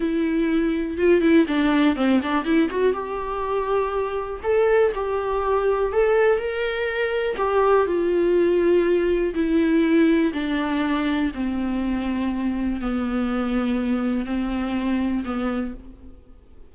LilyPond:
\new Staff \with { instrumentName = "viola" } { \time 4/4 \tempo 4 = 122 e'2 f'8 e'8 d'4 | c'8 d'8 e'8 fis'8 g'2~ | g'4 a'4 g'2 | a'4 ais'2 g'4 |
f'2. e'4~ | e'4 d'2 c'4~ | c'2 b2~ | b4 c'2 b4 | }